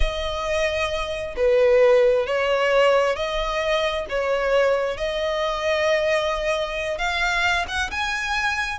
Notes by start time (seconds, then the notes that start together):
0.00 D#5
1.36 B4
2.26 C#5
3.15 D#5
4.09 C#5
4.97 D#5
6.98 F5
7.68 F#5
7.91 G#5